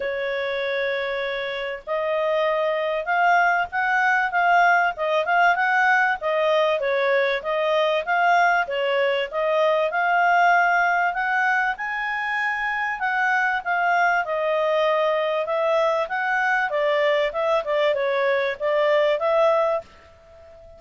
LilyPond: \new Staff \with { instrumentName = "clarinet" } { \time 4/4 \tempo 4 = 97 cis''2. dis''4~ | dis''4 f''4 fis''4 f''4 | dis''8 f''8 fis''4 dis''4 cis''4 | dis''4 f''4 cis''4 dis''4 |
f''2 fis''4 gis''4~ | gis''4 fis''4 f''4 dis''4~ | dis''4 e''4 fis''4 d''4 | e''8 d''8 cis''4 d''4 e''4 | }